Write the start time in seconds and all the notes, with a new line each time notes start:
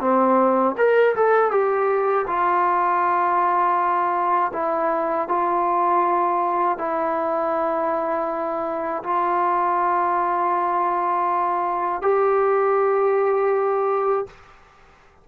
0.00 C4
0.77 A#4
1.15 A4
1.51 G4
2.27 F4
4.53 E4
5.28 F4
6.78 E4
9.03 F4
12.01 G4